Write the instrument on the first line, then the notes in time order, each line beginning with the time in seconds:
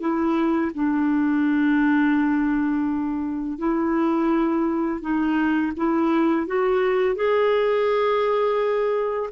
clarinet
0.00 E4
0.74 D4
3.58 E4
5.01 D#4
5.77 E4
6.46 F#4
7.16 G#4